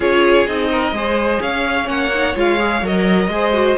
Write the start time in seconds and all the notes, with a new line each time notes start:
0.00 C#4 F4 G#4 C#5
0.46 C4 D#4 D#5
0.71 A#4
0.92 G#3 G#4 C5
1.41 C#4 C#5 F5
1.84 A#3 C#4 F#5
2.14 D#4
2.35 G#3 F4 F5
2.59 G#4
2.82 F#3 A#4 D#5
3.27 G#3 G#4 C5
3.52 F#4